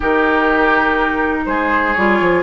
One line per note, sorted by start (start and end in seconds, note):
0.00 1.46 D#3
0.00 1.94 D#4
0.00 1.44 G4
0.00 1.45 A#4
1.45 1.95 G#3
1.45 2.43 G#4
1.45 1.93 C5
1.93 2.20 G3
1.93 2.43 F4
1.93 2.42 C#5
2.20 2.43 F3